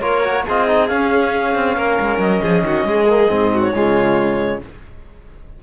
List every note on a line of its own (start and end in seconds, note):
0.00 0.45 A#3
0.00 0.23 F4
0.00 0.45 A#4
0.00 0.44 C#5
0.24 0.46 F#4
0.46 0.91 C4
0.46 0.68 F4
0.46 1.76 G#4
0.46 0.88 D#5
0.68 0.89 D#4
0.88 3.08 C#4
0.88 1.55 C#4
0.88 2.19 F5
1.55 1.77 C4
1.76 1.99 A#3
1.76 2.42 A#4
2.00 2.18 G#3
2.18 2.40 F#3
2.18 3.61 D#5
2.42 2.63 F3
2.42 2.64 G#4
2.63 2.84 D#3
2.63 2.87 F#4
2.84 3.28 G#3
2.84 3.53 G#4
3.09 3.28 A#3
3.28 3.75 G#2
3.28 3.72 C4
3.53 3.75 F#4
3.62 4.60 C#5
3.75 4.63 C#3
3.75 4.62 G#3
3.75 4.63 F4